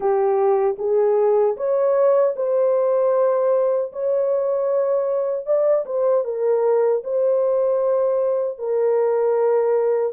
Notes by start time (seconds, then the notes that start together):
0.00 G4
0.78 G#4
1.56 C#5
2.36 C5
3.92 C#5
5.45 D5
5.85 C5
6.24 A#4
7.04 C5
8.58 A#4